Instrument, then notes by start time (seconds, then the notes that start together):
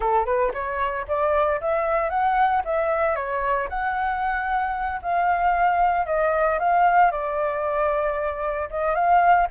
flute
0.00 A4
0.25 B4
0.53 C#5
1.07 D5
1.61 E5
2.09 F#5
2.64 E5
3.15 C#5
3.69 F#5
5.02 F5
6.06 D#5
6.59 F5
7.11 D5
8.70 D#5
8.94 F5